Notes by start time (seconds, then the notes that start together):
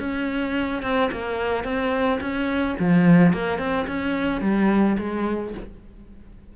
0.00 C#4
0.83 C4
1.12 A#3
1.64 C4
2.21 C#4
2.80 F3
3.34 A#3
3.59 C4
3.88 C#4
4.42 G3
4.99 G#3